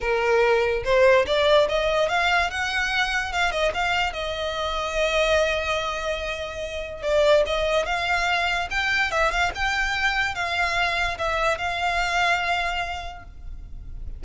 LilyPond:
\new Staff \with { instrumentName = "violin" } { \time 4/4 \tempo 4 = 145 ais'2 c''4 d''4 | dis''4 f''4 fis''2 | f''8 dis''8 f''4 dis''2~ | dis''1~ |
dis''4 d''4 dis''4 f''4~ | f''4 g''4 e''8 f''8 g''4~ | g''4 f''2 e''4 | f''1 | }